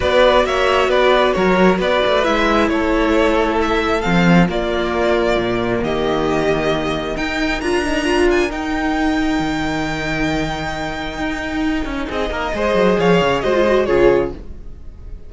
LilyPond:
<<
  \new Staff \with { instrumentName = "violin" } { \time 4/4 \tempo 4 = 134 d''4 e''4 d''4 cis''4 | d''4 e''4 cis''2 | e''4 f''4 d''2~ | d''4 dis''2. |
g''4 ais''4. gis''8 g''4~ | g''1~ | g''2. dis''4~ | dis''4 f''4 dis''4 cis''4 | }
  \new Staff \with { instrumentName = "violin" } { \time 4/4 b'4 cis''4 b'4 ais'4 | b'2 a'2~ | a'2 f'2~ | f'4 g'2. |
ais'1~ | ais'1~ | ais'2. gis'8 ais'8 | c''4 cis''4 c''4 gis'4 | }
  \new Staff \with { instrumentName = "viola" } { \time 4/4 fis'1~ | fis'4 e'2.~ | e'4 c'4 ais2~ | ais1 |
dis'4 f'8 dis'8 f'4 dis'4~ | dis'1~ | dis'1 | gis'2 fis'16 f'16 fis'8 f'4 | }
  \new Staff \with { instrumentName = "cello" } { \time 4/4 b4 ais4 b4 fis4 | b8 a8 gis4 a2~ | a4 f4 ais2 | ais,4 dis2. |
dis'4 d'2 dis'4~ | dis'4 dis2.~ | dis4 dis'4. cis'8 c'8 ais8 | gis8 fis8 f8 cis8 gis4 cis4 | }
>>